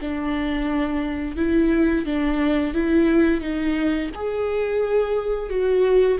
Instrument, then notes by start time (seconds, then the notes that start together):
viola
0.00 D4
1.36 E4
2.05 D4
2.73 E4
3.40 D#4
4.14 G#4
5.49 F#4